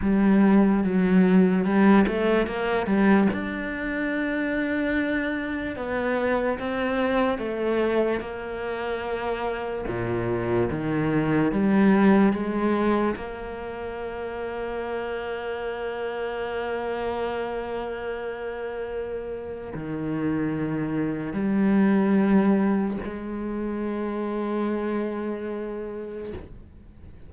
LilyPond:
\new Staff \with { instrumentName = "cello" } { \time 4/4 \tempo 4 = 73 g4 fis4 g8 a8 ais8 g8 | d'2. b4 | c'4 a4 ais2 | ais,4 dis4 g4 gis4 |
ais1~ | ais1 | dis2 g2 | gis1 | }